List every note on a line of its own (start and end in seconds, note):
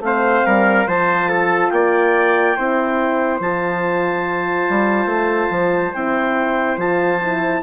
0.00 0.42 A3
0.00 0.87 C4
0.00 0.47 C5
0.00 0.88 F5
0.47 0.87 G3
0.47 0.88 A#4
0.87 1.71 F3
0.87 2.57 F4
0.87 1.29 C5
0.87 1.70 A5
1.29 1.71 A4
1.70 2.56 A#3
1.70 2.57 D5
1.70 3.39 G5
2.57 3.40 C4
2.57 3.41 E4
2.57 7.63 C5
3.40 4.67 F3
3.40 5.94 F4
3.40 5.94 A5
4.69 5.06 G3
5.06 5.48 A3
5.50 5.93 F3
5.94 6.77 C4
5.94 6.79 E4
5.94 6.78 G5
6.77 7.62 F3
6.77 7.21 F4
6.77 7.63 A5
7.22 7.63 E4